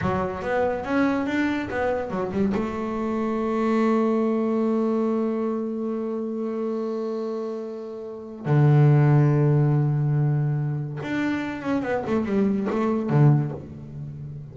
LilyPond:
\new Staff \with { instrumentName = "double bass" } { \time 4/4 \tempo 4 = 142 fis4 b4 cis'4 d'4 | b4 fis8 g8 a2~ | a1~ | a1~ |
a1 | d1~ | d2 d'4. cis'8 | b8 a8 g4 a4 d4 | }